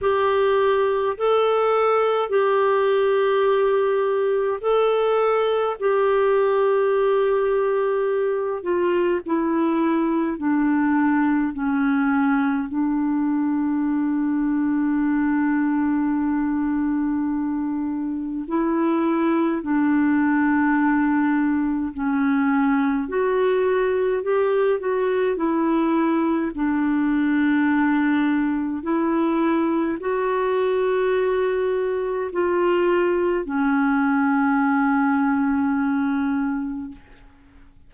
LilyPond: \new Staff \with { instrumentName = "clarinet" } { \time 4/4 \tempo 4 = 52 g'4 a'4 g'2 | a'4 g'2~ g'8 f'8 | e'4 d'4 cis'4 d'4~ | d'1 |
e'4 d'2 cis'4 | fis'4 g'8 fis'8 e'4 d'4~ | d'4 e'4 fis'2 | f'4 cis'2. | }